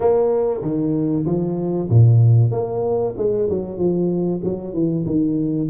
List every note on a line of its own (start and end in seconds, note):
0.00 0.61 A#3
0.61 1.24 D#3
1.25 1.88 F3
1.89 2.51 A#2
2.51 3.14 A#3
3.17 3.49 G#3
3.49 3.77 F#3
3.77 4.40 F3
4.43 4.73 F#3
4.73 5.05 E3
5.06 5.69 D#3